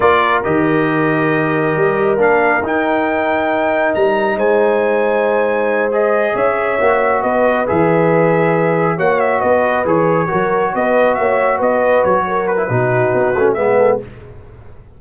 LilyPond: <<
  \new Staff \with { instrumentName = "trumpet" } { \time 4/4 \tempo 4 = 137 d''4 dis''2.~ | dis''4 f''4 g''2~ | g''4 ais''4 gis''2~ | gis''4. dis''4 e''4.~ |
e''8 dis''4 e''2~ e''8~ | e''8 fis''8 e''8 dis''4 cis''4.~ | cis''8 dis''4 e''4 dis''4 cis''8~ | cis''8 b'2~ b'8 e''4 | }
  \new Staff \with { instrumentName = "horn" } { \time 4/4 ais'1~ | ais'1~ | ais'2 c''2~ | c''2~ c''8 cis''4.~ |
cis''8 b'2.~ b'8~ | b'8 cis''4 b'2 ais'8~ | ais'8 b'4 cis''4 b'4. | ais'4 fis'2 b'8 a'8 | }
  \new Staff \with { instrumentName = "trombone" } { \time 4/4 f'4 g'2.~ | g'4 d'4 dis'2~ | dis'1~ | dis'4. gis'2 fis'8~ |
fis'4. gis'2~ gis'8~ | gis'8 fis'2 gis'4 fis'8~ | fis'1~ | fis'8. e'16 dis'4. cis'8 b4 | }
  \new Staff \with { instrumentName = "tuba" } { \time 4/4 ais4 dis2. | g4 ais4 dis'2~ | dis'4 g4 gis2~ | gis2~ gis8 cis'4 ais8~ |
ais8 b4 e2~ e8~ | e8 ais4 b4 e4 fis8~ | fis8 b4 ais4 b4 fis8~ | fis4 b,4 b8 a8 gis4 | }
>>